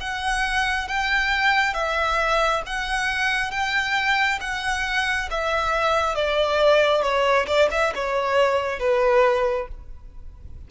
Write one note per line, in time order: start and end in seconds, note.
0.00 0.87 F#5
0.87 1.74 G5
1.74 2.62 E5
2.66 3.51 F#5
3.51 4.39 G5
4.40 5.29 F#5
5.30 6.15 E5
6.15 7.02 D5
7.02 7.46 C#5
7.46 7.68 D5
7.70 7.93 E5
7.95 8.79 C#5
8.79 9.67 B4